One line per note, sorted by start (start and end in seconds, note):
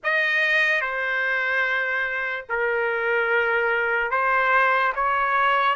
0.03 0.81 D#5
0.81 2.45 C5
2.49 4.10 A#4
4.10 4.92 C5
4.95 5.75 C#5